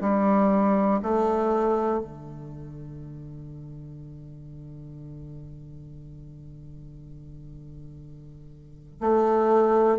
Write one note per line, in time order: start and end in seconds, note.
0.00 1.00 G3
1.02 1.99 A3
1.99 8.99 D3
9.00 9.99 A3